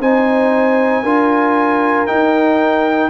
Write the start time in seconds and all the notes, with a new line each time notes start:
0.00 C4 D#4 C5 G#5
1.03 D4 F4 A#4
2.07 D#4 G5